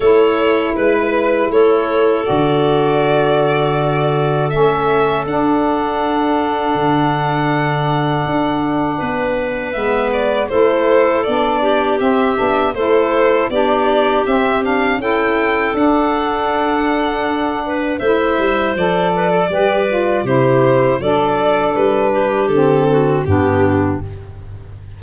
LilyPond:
<<
  \new Staff \with { instrumentName = "violin" } { \time 4/4 \tempo 4 = 80 cis''4 b'4 cis''4 d''4~ | d''2 e''4 fis''4~ | fis''1~ | fis''4 e''8 d''8 c''4 d''4 |
e''4 c''4 d''4 e''8 f''8 | g''4 fis''2. | e''4 d''2 c''4 | d''4 b'4 a'4 g'4 | }
  \new Staff \with { instrumentName = "clarinet" } { \time 4/4 a'4 b'4 a'2~ | a'1~ | a'1 | b'2 a'4. g'8~ |
g'4 a'4 g'2 | a'2.~ a'8 b'8 | c''4. b'16 a'16 b'4 g'4 | a'4. g'4 fis'8 d'4 | }
  \new Staff \with { instrumentName = "saxophone" } { \time 4/4 e'2. fis'4~ | fis'2 cis'4 d'4~ | d'1~ | d'4 b4 e'4 d'4 |
c'8 d'8 e'4 d'4 c'8 d'8 | e'4 d'2. | e'4 a'4 g'8 f'8 e'4 | d'2 c'4 b4 | }
  \new Staff \with { instrumentName = "tuba" } { \time 4/4 a4 gis4 a4 d4~ | d2 a4 d'4~ | d'4 d2 d'4 | b4 gis4 a4 b4 |
c'8 b8 a4 b4 c'4 | cis'4 d'2. | a8 g8 f4 g4 c4 | fis4 g4 d4 g,4 | }
>>